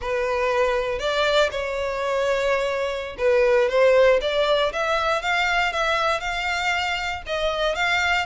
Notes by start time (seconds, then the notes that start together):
0.01 B4
0.99 D5
1.51 C#5
3.18 B4
3.69 C5
4.21 D5
4.72 E5
5.22 F5
5.72 E5
6.20 F5
7.26 D#5
7.75 F5